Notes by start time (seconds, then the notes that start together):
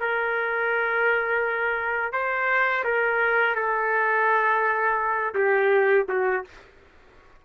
0.00 A#4
2.12 C5
2.84 A#4
3.55 A4
5.34 G4
6.08 F#4